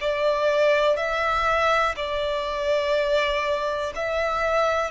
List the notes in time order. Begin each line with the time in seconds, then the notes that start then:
0.00 D5
0.96 E5
1.96 D5
3.95 E5